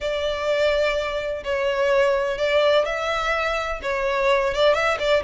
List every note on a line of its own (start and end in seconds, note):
0.00 1.43 D5
1.44 2.37 C#5
2.37 2.85 D5
2.85 3.80 E5
3.82 4.53 C#5
4.54 4.74 D5
4.74 4.97 E5
4.99 5.23 D5